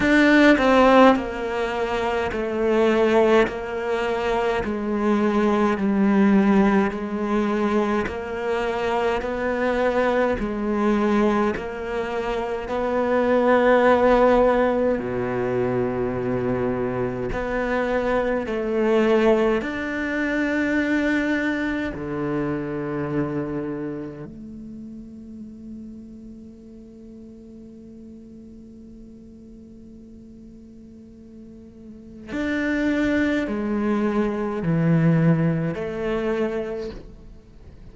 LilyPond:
\new Staff \with { instrumentName = "cello" } { \time 4/4 \tempo 4 = 52 d'8 c'8 ais4 a4 ais4 | gis4 g4 gis4 ais4 | b4 gis4 ais4 b4~ | b4 b,2 b4 |
a4 d'2 d4~ | d4 a2.~ | a1 | d'4 gis4 e4 a4 | }